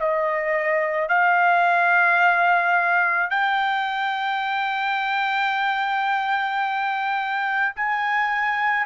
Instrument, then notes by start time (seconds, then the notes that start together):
trumpet
0.00 D#5
1.09 F5
3.31 G5
7.76 G#5